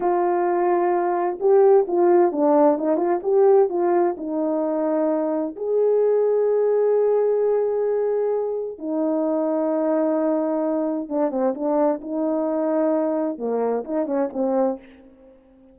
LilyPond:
\new Staff \with { instrumentName = "horn" } { \time 4/4 \tempo 4 = 130 f'2. g'4 | f'4 d'4 dis'8 f'8 g'4 | f'4 dis'2. | gis'1~ |
gis'2. dis'4~ | dis'1 | d'8 c'8 d'4 dis'2~ | dis'4 ais4 dis'8 cis'8 c'4 | }